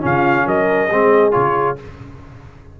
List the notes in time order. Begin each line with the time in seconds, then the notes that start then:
0.00 C#3 C#4 F4 F5
0.46 F#3 A#4 D#5
0.91 G#3 C4 G#4
1.32 C#3 F4 C#5